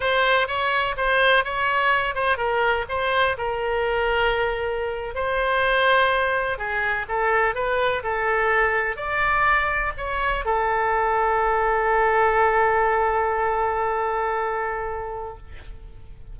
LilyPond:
\new Staff \with { instrumentName = "oboe" } { \time 4/4 \tempo 4 = 125 c''4 cis''4 c''4 cis''4~ | cis''8 c''8 ais'4 c''4 ais'4~ | ais'2~ ais'8. c''4~ c''16~ | c''4.~ c''16 gis'4 a'4 b'16~ |
b'8. a'2 d''4~ d''16~ | d''8. cis''4 a'2~ a'16~ | a'1~ | a'1 | }